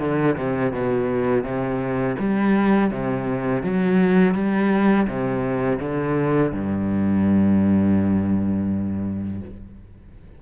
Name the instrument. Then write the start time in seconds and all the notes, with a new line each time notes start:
cello
0.00 D3
0.37 C3
0.73 B2
1.44 C3
2.19 G3
2.91 C3
3.63 F#3
4.35 G3
5.07 C3
5.81 D3
6.53 G2